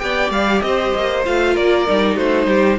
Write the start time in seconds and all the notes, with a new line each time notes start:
0.00 B3 G4 D5 G5
0.30 G3 F5
0.61 C4 C5 D#5
0.96 A#3
1.25 A3 F4 F5
1.54 A#3 A#4 D5
1.88 G3 D#4
2.16 A3 F#4 C5
2.47 G3 G4